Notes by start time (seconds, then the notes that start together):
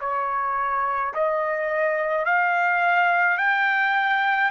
0.00 C#5
1.14 D#5
2.25 F5
3.38 G5